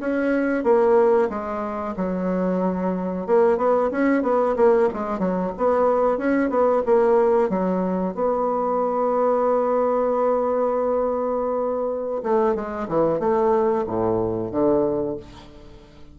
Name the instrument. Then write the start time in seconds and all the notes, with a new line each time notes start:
bassoon
0.00 C#4
0.64 A#3
1.29 G#3
1.97 F#3
3.27 A#3
3.57 B3
3.91 C#4
4.22 B3
4.56 A#3
4.93 G#3
5.19 F#3
5.57 B3
6.18 C#4
6.50 B3
6.86 A#3
7.49 F#3
8.15 B3
12.23 A3
12.55 G#3
12.88 E3
13.19 A3
13.87 A2
14.51 D3